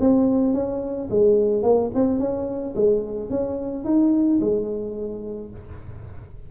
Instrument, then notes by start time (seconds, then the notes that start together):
tuba
0.00 C4
0.54 C#4
1.10 G#3
1.63 A#3
1.94 C4
2.19 C#4
2.75 G#3
3.30 C#4
3.84 D#4
4.40 G#3